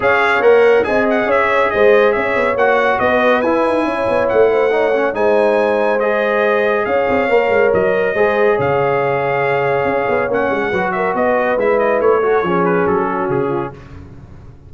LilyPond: <<
  \new Staff \with { instrumentName = "trumpet" } { \time 4/4 \tempo 4 = 140 f''4 fis''4 gis''8 fis''8 e''4 | dis''4 e''4 fis''4 dis''4 | gis''2 fis''2 | gis''2 dis''2 |
f''2 dis''2 | f''1 | fis''4. e''8 dis''4 e''8 dis''8 | cis''4. b'8 a'4 gis'4 | }
  \new Staff \with { instrumentName = "horn" } { \time 4/4 cis''2 dis''4 cis''4 | c''4 cis''2 b'4~ | b'4 cis''4. c''8 cis''4 | c''1 |
cis''2. c''4 | cis''1~ | cis''4 b'8 ais'8 b'2~ | b'8 a'8 gis'4. fis'4 f'8 | }
  \new Staff \with { instrumentName = "trombone" } { \time 4/4 gis'4 ais'4 gis'2~ | gis'2 fis'2 | e'2. dis'8 cis'8 | dis'2 gis'2~ |
gis'4 ais'2 gis'4~ | gis'1 | cis'4 fis'2 e'4~ | e'8 fis'8 cis'2. | }
  \new Staff \with { instrumentName = "tuba" } { \time 4/4 cis'4 ais4 c'4 cis'4 | gis4 cis'8 b8 ais4 b4 | e'8 dis'8 cis'8 b8 a2 | gis1 |
cis'8 c'8 ais8 gis8 fis4 gis4 | cis2. cis'8 b8 | ais8 gis8 fis4 b4 gis4 | a4 f4 fis4 cis4 | }
>>